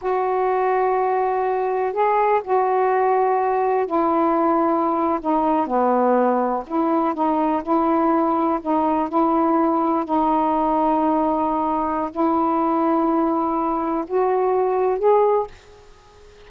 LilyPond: \new Staff \with { instrumentName = "saxophone" } { \time 4/4 \tempo 4 = 124 fis'1 | gis'4 fis'2. | e'2~ e'8. dis'4 b16~ | b4.~ b16 e'4 dis'4 e'16~ |
e'4.~ e'16 dis'4 e'4~ e'16~ | e'8. dis'2.~ dis'16~ | dis'4 e'2.~ | e'4 fis'2 gis'4 | }